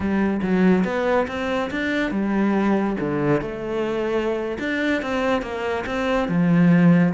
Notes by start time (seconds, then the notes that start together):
0.00 G3
0.42 F#3
0.84 B3
1.27 C4
1.70 D4
2.11 G3
3.00 D3
3.41 A3
4.59 D4
5.02 C4
5.42 A#3
5.85 C4
6.28 F3